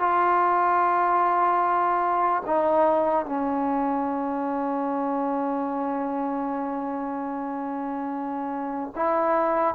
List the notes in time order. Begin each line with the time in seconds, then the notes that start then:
0.00 F4
2.46 D#4
3.26 C#4
8.96 E4